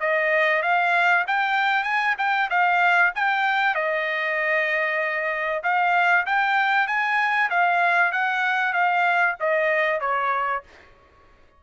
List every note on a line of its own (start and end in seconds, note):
0.00 0.62 D#5
0.62 1.25 F5
1.28 1.84 G5
1.84 2.15 G#5
2.18 2.49 G5
2.50 3.12 F5
3.15 3.75 G5
3.75 5.62 D#5
5.63 6.26 F5
6.26 6.88 G5
6.88 7.50 G#5
7.50 8.12 F5
8.12 8.73 F#5
8.73 9.36 F5
9.40 10.01 D#5
10.01 10.63 C#5